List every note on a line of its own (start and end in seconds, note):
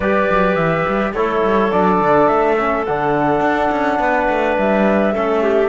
0.00 0.28 G3
0.00 1.15 G4
0.00 1.11 B4
0.00 0.55 D5
0.30 0.55 F#3
0.55 0.84 E3
0.55 1.12 E5
0.88 1.12 G3
1.12 1.41 A3
1.12 1.72 E4
1.12 3.99 A4
1.12 1.71 C#5
1.43 1.71 G3
1.71 2.00 F#3
1.71 2.57 D4
1.71 2.27 D5
2.00 2.29 D3
2.27 2.87 A3
2.27 2.84 E5
2.57 2.86 C#4
2.85 3.40 D3
2.85 5.13 D4
2.85 4.56 F#5
3.40 3.69 D4
3.71 3.99 C#4
3.99 4.27 B3
3.99 5.13 B4
4.28 4.57 A3
4.58 5.15 G3
4.58 5.69 E5
5.13 5.69 A3
5.13 5.69 C#4
5.13 5.42 A4
5.42 5.69 G4